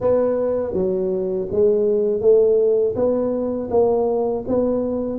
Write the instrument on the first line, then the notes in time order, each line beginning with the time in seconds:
tuba
0.00 B3
0.73 F#3
1.51 G#3
2.20 A3
2.95 B3
3.70 A#3
4.47 B3